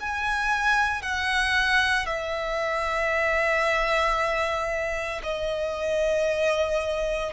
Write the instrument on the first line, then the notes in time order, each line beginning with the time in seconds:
violin
0.00 G#5
1.02 F#5
2.06 E5
5.23 D#5